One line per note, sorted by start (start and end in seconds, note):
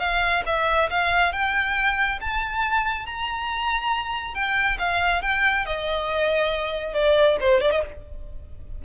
0.00 0.43 F5
0.46 0.90 E5
0.91 1.33 F5
1.33 2.20 G5
2.21 3.06 A5
3.06 4.35 A#5
4.35 4.78 G5
4.79 5.22 F5
5.22 5.66 G5
5.66 6.94 D#5
6.94 7.37 D5
7.41 7.61 C5
7.61 7.72 D5
7.72 7.82 D#5